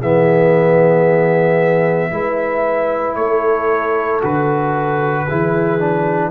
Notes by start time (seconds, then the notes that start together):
0.00 E3 B3 G#4 E5
2.11 G#3 E4 B4
3.16 A3 A4 C#5
4.22 D3 F#4 B4
5.27 E3 E4 G#4
5.80 D4